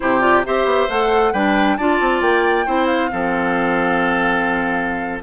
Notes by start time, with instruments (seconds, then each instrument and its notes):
0.00 bassoon C3, clarinet E4, oboe G4, flute C5
0.20 clarinet F4, flute D5
0.45 bassoon C4, clarinet G4, oboe C5, flute E5
0.64 bassoon B3
0.89 bassoon A3, clarinet A4, flute F#5
1.32 bassoon G3, clarinet D4, oboe B4, flute G5
1.76 bassoon D4, clarinet F4, oboe D5, flute A5
2.00 bassoon C4
2.21 bassoon A#3, flute G5
2.65 bassoon C4, clarinet E4, oboe C5
2.86 flute F5
3.10 bassoon F3, clarinet C4, oboe A4